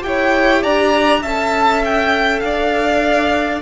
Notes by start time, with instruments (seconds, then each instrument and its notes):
0.00 cello E4, viola G4, violin G5
0.07 violin C#5
0.62 cello D4, violin D5 A#5
1.22 cello C#4, viola A4, violin E5 A5
1.84 violin G5
2.40 cello D4, violin D5 F5